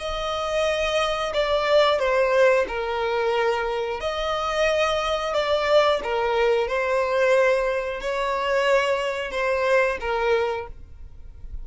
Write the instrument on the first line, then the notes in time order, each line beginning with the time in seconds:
violin
0.00 D#5
1.34 D5
2.00 C5
2.68 A#4
4.01 D#5
5.34 D5
6.04 A#4
6.68 C5
8.01 C#5
9.32 C5
10.01 A#4